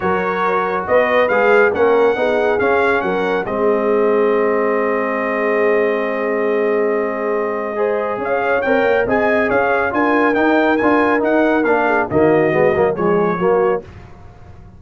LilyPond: <<
  \new Staff \with { instrumentName = "trumpet" } { \time 4/4 \tempo 4 = 139 cis''2 dis''4 f''4 | fis''2 f''4 fis''4 | dis''1~ | dis''1~ |
dis''2. f''4 | g''4 gis''4 f''4 gis''4 | g''4 gis''4 fis''4 f''4 | dis''2 cis''2 | }
  \new Staff \with { instrumentName = "horn" } { \time 4/4 ais'2 b'2 | ais'4 gis'2 ais'4 | gis'1~ | gis'1~ |
gis'2 c''4 cis''4~ | cis''4 dis''4 cis''4 ais'4~ | ais'2.~ ais'8 gis'8 | fis'2 gis'4 fis'4 | }
  \new Staff \with { instrumentName = "trombone" } { \time 4/4 fis'2. gis'4 | cis'4 dis'4 cis'2 | c'1~ | c'1~ |
c'2 gis'2 | ais'4 gis'2 f'4 | dis'4 f'4 dis'4 d'4 | ais4 b8 ais8 gis4 ais4 | }
  \new Staff \with { instrumentName = "tuba" } { \time 4/4 fis2 b4 gis4 | ais4 b4 cis'4 fis4 | gis1~ | gis1~ |
gis2. cis'4 | c'8 ais8 c'4 cis'4 d'4 | dis'4 d'4 dis'4 ais4 | dis4 gis8 fis8 f4 fis4 | }
>>